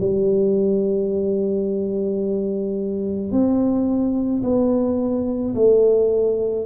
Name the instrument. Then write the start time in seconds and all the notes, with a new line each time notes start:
tuba
0.00 G3
3.31 C4
4.42 B3
5.54 A3